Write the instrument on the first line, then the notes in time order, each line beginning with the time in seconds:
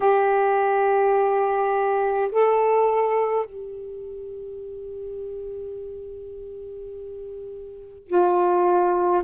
saxophone
0.00 G4
2.31 A4
3.45 G4
8.07 F4